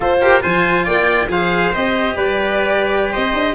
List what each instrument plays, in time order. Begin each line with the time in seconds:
0.00 tuba F4, cello F4, trumpet A4, violin C5
0.21 cello G4, trumpet A#4
0.40 tuba F3, cello F4, trumpet C5, violin G#5
0.84 tuba A#3, trumpet D5, violin G5
1.28 tuba F3, cello G#4, trumpet C5, violin F5
1.72 tuba C4, cello G4, violin D#5
2.16 tuba G3, trumpet B4, violin D5
3.12 tuba C4, trumpet C5, violin D#5
3.33 tuba D4